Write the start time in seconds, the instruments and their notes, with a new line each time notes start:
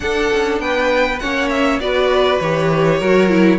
0.00 viola D4, cello D4, violin A4 F#5
0.33 cello C#4
0.59 cello B3, violin B4 G5
1.19 cello A#3, viola C#4, violin C#5 F#5
1.49 violin E5
1.79 cello B3, viola F#4, violin B4 D5
2.40 cello E3, viola G4, violin C#5
2.98 cello F#3, viola F#4, violin A#4
3.29 viola E4